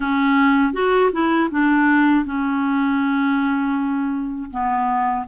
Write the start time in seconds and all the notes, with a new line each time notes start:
0.00 C#4
0.73 F#4
1.12 E4
1.50 D4
2.25 C#4
4.50 B3